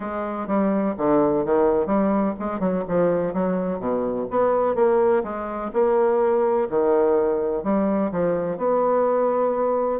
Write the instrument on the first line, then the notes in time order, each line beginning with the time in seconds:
bassoon
0.00 G#3
0.47 G3
0.97 D3
1.45 D#3
1.86 G3
2.39 G#3
2.59 F#3
2.87 F3
3.33 F#3
3.79 B2
4.30 B3
4.75 A#3
5.23 G#3
5.73 A#3
6.69 D#3
7.63 G3
8.11 F3
8.57 B3